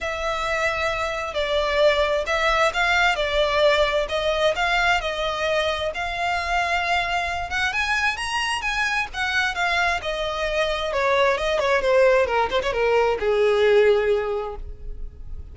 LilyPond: \new Staff \with { instrumentName = "violin" } { \time 4/4 \tempo 4 = 132 e''2. d''4~ | d''4 e''4 f''4 d''4~ | d''4 dis''4 f''4 dis''4~ | dis''4 f''2.~ |
f''8 fis''8 gis''4 ais''4 gis''4 | fis''4 f''4 dis''2 | cis''4 dis''8 cis''8 c''4 ais'8 c''16 cis''16 | ais'4 gis'2. | }